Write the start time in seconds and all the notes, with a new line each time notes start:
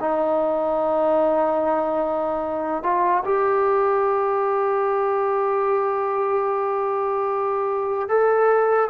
0.00 D#4
2.83 F4
3.25 G4
8.09 A4